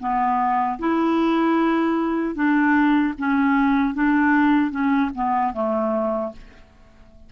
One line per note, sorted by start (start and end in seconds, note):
0.00 0.79 B3
0.79 2.35 E4
2.35 3.14 D4
3.19 3.95 C#4
3.95 4.71 D4
4.71 5.11 C#4
5.15 5.53 B3
5.53 6.32 A3